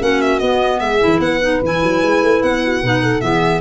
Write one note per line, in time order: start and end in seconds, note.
0.00 0.41 A#3
0.00 0.40 C#4
0.00 0.80 F#4
0.00 0.21 F#5
0.21 0.39 E5
0.39 0.80 B3
0.39 1.00 B3
0.39 0.79 D#5
0.79 1.00 G#3
0.79 1.20 G#4
0.79 1.19 E5
1.00 1.19 E3
1.00 1.40 E4
1.19 1.59 B3
1.19 2.65 B4
1.19 1.61 F#5
1.41 1.61 D#4
1.62 1.82 E3
1.62 2.83 E4
1.62 2.42 G#5
1.83 2.02 F#3
2.02 2.22 G#3
2.22 2.42 A3
2.42 2.82 B3
2.42 3.20 F#5
2.65 2.83 F#4
2.83 3.22 B2
2.83 3.21 D#4
2.83 3.03 B4
3.03 3.22 A4
3.20 3.61 E3
3.20 3.61 B3
3.20 3.61 G#4
3.20 3.61 E5